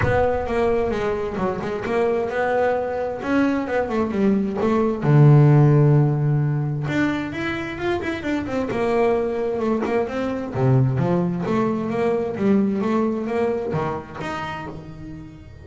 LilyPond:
\new Staff \with { instrumentName = "double bass" } { \time 4/4 \tempo 4 = 131 b4 ais4 gis4 fis8 gis8 | ais4 b2 cis'4 | b8 a8 g4 a4 d4~ | d2. d'4 |
e'4 f'8 e'8 d'8 c'8 ais4~ | ais4 a8 ais8 c'4 c4 | f4 a4 ais4 g4 | a4 ais4 dis4 dis'4 | }